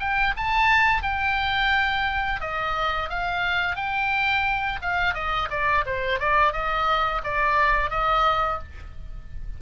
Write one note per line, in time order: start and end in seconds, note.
0.00 0.34 G5
0.37 1.03 A5
1.03 2.41 G5
2.41 3.09 D#5
3.09 3.76 F5
3.76 4.80 G5
4.82 5.14 F5
5.14 5.49 D#5
5.50 5.85 D5
5.86 6.19 C5
6.19 6.53 D5
6.53 7.22 D#5
7.24 7.90 D5
7.90 8.59 D#5